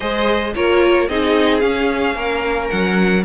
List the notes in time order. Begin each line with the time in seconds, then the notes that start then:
0.00 G#3 G#4 C5 D#5
0.54 A#3 F4 A#4 C#5
1.08 C4 D#4 G#4 D#5
1.59 C#4 F5
2.15 A#3 A#4
2.70 F#3 F#5